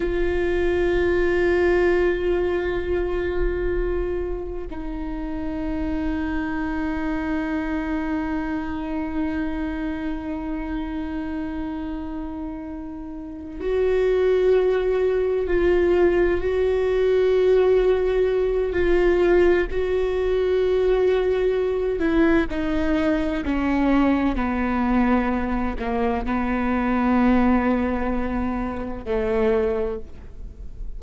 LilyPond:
\new Staff \with { instrumentName = "viola" } { \time 4/4 \tempo 4 = 64 f'1~ | f'4 dis'2.~ | dis'1~ | dis'2~ dis'8 fis'4.~ |
fis'8 f'4 fis'2~ fis'8 | f'4 fis'2~ fis'8 e'8 | dis'4 cis'4 b4. ais8 | b2. a4 | }